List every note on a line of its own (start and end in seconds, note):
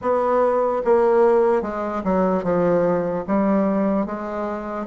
0.01 0.82 B3
0.84 1.62 A#3
1.62 2.02 G#3
2.03 2.43 F#3
2.43 3.24 F3
3.27 4.05 G3
4.05 4.86 G#3